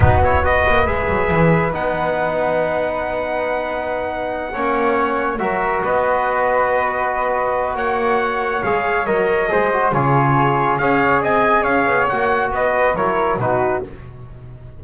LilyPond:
<<
  \new Staff \with { instrumentName = "trumpet" } { \time 4/4 \tempo 4 = 139 b'8 cis''8 dis''4 e''2 | fis''1~ | fis''1~ | fis''8 e''4 dis''2~ dis''8~ |
dis''2 fis''2 | f''4 dis''2 cis''4~ | cis''4 f''4 gis''4 f''4 | fis''4 dis''4 cis''4 b'4 | }
  \new Staff \with { instrumentName = "flute" } { \time 4/4 fis'4 b'2.~ | b'1~ | b'2~ b'8 cis''4.~ | cis''8 ais'4 b'2~ b'8~ |
b'2 cis''2~ | cis''2 c''4 gis'4~ | gis'4 cis''4 dis''4 cis''4~ | cis''4 b'4 ais'4 fis'4 | }
  \new Staff \with { instrumentName = "trombone" } { \time 4/4 dis'8 e'8 fis'4 gis'2 | dis'1~ | dis'2~ dis'8 cis'4.~ | cis'8 fis'2.~ fis'8~ |
fis'1 | gis'4 ais'4 gis'8 fis'8 f'4~ | f'4 gis'2. | fis'2 e'4 dis'4 | }
  \new Staff \with { instrumentName = "double bass" } { \time 4/4 b4. ais8 gis8 fis8 e4 | b1~ | b2~ b8 ais4.~ | ais8 fis4 b2~ b8~ |
b2 ais2 | gis4 fis4 gis4 cis4~ | cis4 cis'4 c'4 cis'8 b8 | ais4 b4 fis4 b,4 | }
>>